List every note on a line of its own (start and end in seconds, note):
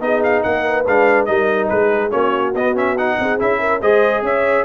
0.00 0.43 B3
0.00 0.85 D#4
0.00 0.45 G#4
0.00 0.22 D#5
0.23 0.42 F5
0.42 0.87 A#3
0.42 0.66 A#4
0.42 0.85 F#5
0.66 1.28 B4
0.87 1.28 G#3
0.87 1.27 D4
0.87 1.25 F5
1.25 1.70 G3
1.25 2.10 D#4
1.25 1.70 A#4
1.25 1.67 D#5
1.68 2.12 G#3
1.68 2.11 G#4
1.68 2.11 B4
2.10 2.54 A#3
2.10 2.52 C#4
2.10 3.16 F#4
2.10 2.53 C#5
2.54 3.17 B3
2.54 2.74 B3
2.54 2.76 D#5
2.74 2.96 C#4
2.74 2.97 E5
2.97 3.38 D#4
2.97 3.40 F#5
3.19 3.40 C4
3.19 3.59 G#4
3.38 3.81 C#4
3.38 3.81 E4
3.38 3.81 E5
3.59 3.80 A#4
3.80 4.22 G#3
3.80 4.65 G#4
3.80 4.22 C5
3.80 4.23 D#5
4.22 4.64 C#4
4.22 4.65 C#5
4.22 4.65 E5